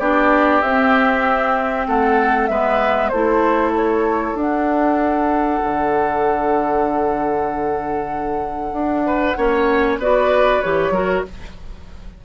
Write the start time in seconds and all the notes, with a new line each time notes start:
0.00 B3 D4 G4 D5
0.62 C4 E5
1.88 A3 A4 F#5
2.47 G#3 B3 B4 E5
3.09 A3 E4 A4 C5
3.76 C#5
4.35 D4 F#5
5.64 D3
8.73 D4
9.07 B4
9.38 A#3 C#4 C#5
9.98 B3 F#4 B4 D5
10.62 E3 G4 C#5
10.91 F#3 F#4 A#4